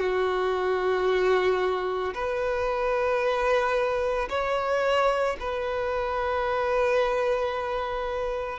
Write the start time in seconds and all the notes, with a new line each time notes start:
0.00 F#4
2.15 B4
4.30 C#5
5.40 B4